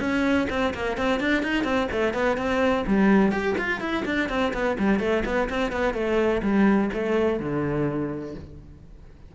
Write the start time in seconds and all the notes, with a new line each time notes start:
0.00 C#4
0.50 C4
0.74 A#3
0.97 C4
1.20 D4
1.43 D#4
1.64 C4
1.92 A3
2.14 B3
2.37 C4
2.87 G3
3.31 G4
3.58 F4
3.80 E4
4.05 D4
4.29 C4
4.53 B3
4.79 G3
5.00 A3
5.25 B3
5.50 C4
5.72 B3
5.94 A3
6.42 G3
6.93 A3
7.39 D3